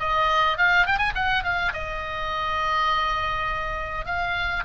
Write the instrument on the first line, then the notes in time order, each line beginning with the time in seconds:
oboe
0.00 D#5
0.58 F5
0.87 G5
0.98 G#5
1.15 F#5
1.44 F5
1.73 D#5
4.06 F5